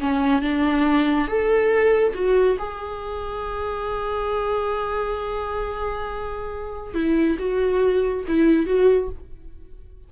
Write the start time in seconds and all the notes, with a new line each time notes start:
0.00 C#4
0.42 D4
1.28 A4
2.14 F#4
2.59 G#4
6.94 E4
7.39 F#4
8.28 E4
8.66 F#4